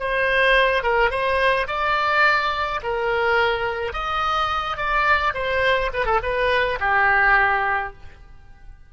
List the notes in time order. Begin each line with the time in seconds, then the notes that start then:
0.00 C5
0.83 A#4
1.11 C5
1.67 D5
2.83 A#4
3.93 D#5
4.77 D5
5.34 C5
5.94 B4
6.06 A4
6.23 B4
6.80 G4